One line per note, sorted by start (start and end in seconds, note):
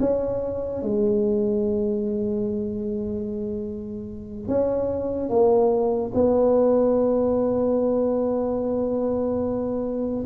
0.00 0.82 C#4
0.82 4.48 G#3
4.48 5.29 C#4
5.29 6.11 A#3
6.14 10.25 B3